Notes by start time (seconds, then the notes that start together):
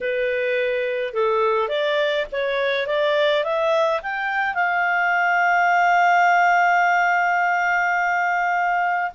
0.01 B4
1.13 A4
1.68 D5
2.31 C#5
2.86 D5
3.43 E5
4.02 G5
4.54 F5